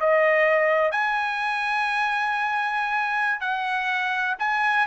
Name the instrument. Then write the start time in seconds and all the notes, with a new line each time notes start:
trumpet
0.00 D#5
0.91 G#5
3.40 F#5
4.39 G#5